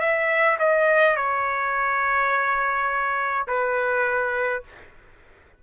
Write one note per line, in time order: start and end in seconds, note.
0.00 0.58 E5
0.59 1.16 D#5
1.16 3.47 C#5
3.48 4.63 B4